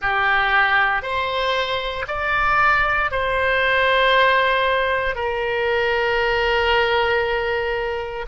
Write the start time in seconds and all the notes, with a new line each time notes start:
0.01 G4
1.02 C5
2.07 D5
3.11 C5
5.15 A#4